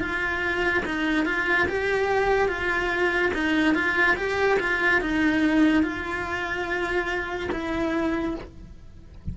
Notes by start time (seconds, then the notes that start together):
0.00 F4
0.85 D#4
1.25 F4
1.68 G4
2.48 F4
3.34 D#4
3.74 F4
4.16 G4
4.59 F4
5.00 D#4
5.83 F4
7.52 E4